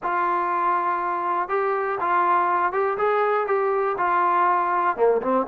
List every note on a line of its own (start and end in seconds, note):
0.02 1.48 F4
1.48 1.98 G4
2.00 2.72 F4
2.72 2.97 G4
2.97 3.46 G#4
3.46 3.96 G4
3.97 4.96 F4
4.96 5.21 A#3
5.21 5.46 C4